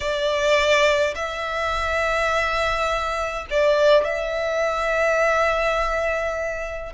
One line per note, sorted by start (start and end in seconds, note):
0.00 1.14 D5
1.15 3.45 E5
3.50 4.04 D5
4.04 6.92 E5